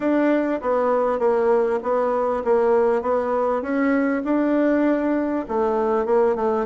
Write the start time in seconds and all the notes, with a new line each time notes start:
0.00 D4
0.61 B3
1.19 A#3
1.82 B3
2.44 A#3
3.01 B3
3.61 C#4
4.24 D4
5.48 A3
6.05 A#3
6.35 A3